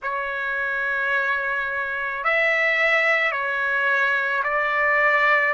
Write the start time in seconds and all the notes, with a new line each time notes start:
0.02 C#5
2.24 E5
3.31 C#5
4.43 D5